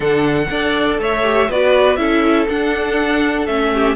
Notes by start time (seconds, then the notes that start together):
0.00 D3 D4 A4 F#5
0.49 D4 A4 D5
0.99 A3 C#5 E5
1.23 G4
1.49 B3 F#4 B4 D5
1.96 C#4 E4 A4 E5
2.49 D4 F#5
3.46 A3 C#4 E5
3.73 G4